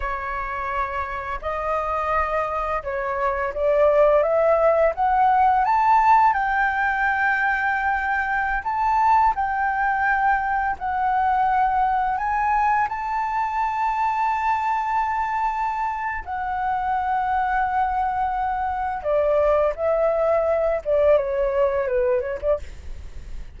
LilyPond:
\new Staff \with { instrumentName = "flute" } { \time 4/4 \tempo 4 = 85 cis''2 dis''2 | cis''4 d''4 e''4 fis''4 | a''4 g''2.~ | g''16 a''4 g''2 fis''8.~ |
fis''4~ fis''16 gis''4 a''4.~ a''16~ | a''2. fis''4~ | fis''2. d''4 | e''4. d''8 cis''4 b'8 cis''16 d''16 | }